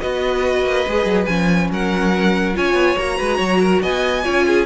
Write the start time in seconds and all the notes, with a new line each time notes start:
0.00 B3 F#4 B4 D#5
0.64 A#3
0.87 G#3 G#4
1.05 F#3
1.25 F3 C#4 G#5
1.70 F#3 A#4 F#5
2.54 C#4 F4 C#5 G#5
2.73 B3
2.97 A#3 F#4 A#5
3.17 G#3 B4
3.37 F#3 C#5
3.60 A#4
3.81 B3 D#5 G#5
4.23 C#4 F4 C#5
4.46 G#4